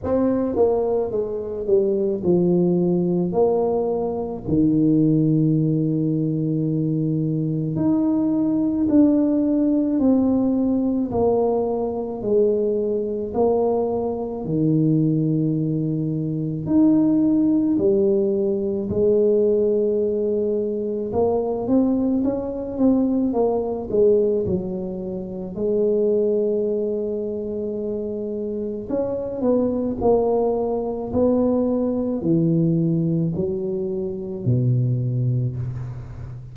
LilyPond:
\new Staff \with { instrumentName = "tuba" } { \time 4/4 \tempo 4 = 54 c'8 ais8 gis8 g8 f4 ais4 | dis2. dis'4 | d'4 c'4 ais4 gis4 | ais4 dis2 dis'4 |
g4 gis2 ais8 c'8 | cis'8 c'8 ais8 gis8 fis4 gis4~ | gis2 cis'8 b8 ais4 | b4 e4 fis4 b,4 | }